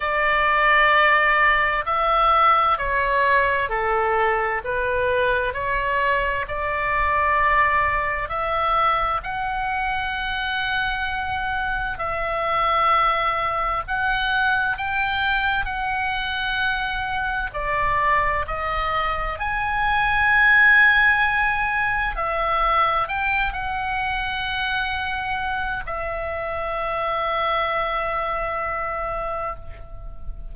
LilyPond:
\new Staff \with { instrumentName = "oboe" } { \time 4/4 \tempo 4 = 65 d''2 e''4 cis''4 | a'4 b'4 cis''4 d''4~ | d''4 e''4 fis''2~ | fis''4 e''2 fis''4 |
g''4 fis''2 d''4 | dis''4 gis''2. | e''4 g''8 fis''2~ fis''8 | e''1 | }